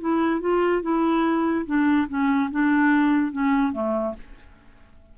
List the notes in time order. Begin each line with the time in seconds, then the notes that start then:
0.00 E4
0.41 F4
0.82 E4
1.66 D4
2.08 C#4
2.51 D4
3.31 C#4
3.72 A3